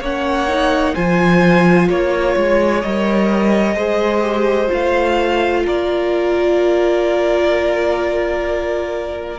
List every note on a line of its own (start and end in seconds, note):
0.00 0.94 A#3
0.00 0.48 C#4
0.00 0.94 C#5
0.00 0.95 F#5
0.48 0.95 D#4
0.94 1.88 F3
0.94 2.83 F4
0.94 1.88 C5
0.94 1.88 G#5
1.88 2.35 A#3
1.88 3.75 C#5
1.88 2.81 C#5
2.36 2.83 G#3
2.81 3.75 G3
2.81 3.76 A#4
2.81 4.69 D#5
3.75 4.68 G#3
3.75 4.21 G#4
3.75 5.62 C5
4.21 4.68 G4
4.68 5.67 A3
4.68 9.36 F4
4.68 5.66 F5
5.65 9.38 A#3
5.65 9.38 A#4
5.65 9.38 D5